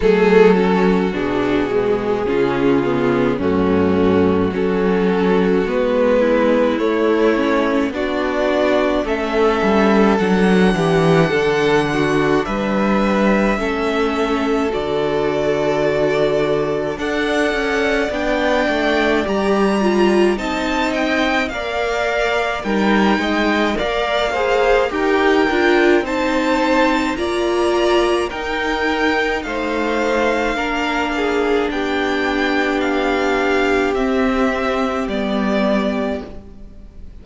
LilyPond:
<<
  \new Staff \with { instrumentName = "violin" } { \time 4/4 \tempo 4 = 53 a'4 gis'2 fis'4 | a'4 b'4 cis''4 d''4 | e''4 fis''2 e''4~ | e''4 d''2 fis''4 |
g''4 ais''4 a''8 g''8 f''4 | g''4 f''4 g''4 a''4 | ais''4 g''4 f''2 | g''4 f''4 e''4 d''4 | }
  \new Staff \with { instrumentName = "violin" } { \time 4/4 gis'8 fis'4. f'4 cis'4 | fis'4. e'4. fis'4 | a'4. g'8 a'8 fis'8 b'4 | a'2. d''4~ |
d''2 dis''4 d''4 | ais'8 dis''8 d''8 c''8 ais'4 c''4 | d''4 ais'4 c''4 ais'8 gis'8 | g'1 | }
  \new Staff \with { instrumentName = "viola" } { \time 4/4 a8 cis'8 d'8 gis8 cis'8 b8 a4 | cis'4 b4 a8 cis'8 d'4 | cis'4 d'2. | cis'4 fis'2 a'4 |
d'4 g'8 f'8 dis'4 ais'4 | dis'4 ais'8 gis'8 g'8 f'8 dis'4 | f'4 dis'2 d'4~ | d'2 c'4 b4 | }
  \new Staff \with { instrumentName = "cello" } { \time 4/4 fis4 b,4 cis4 fis,4 | fis4 gis4 a4 b4 | a8 g8 fis8 e8 d4 g4 | a4 d2 d'8 cis'8 |
b8 a8 g4 c'4 ais4 | g8 gis8 ais4 dis'8 d'8 c'4 | ais4 dis'4 a4 ais4 | b2 c'4 g4 | }
>>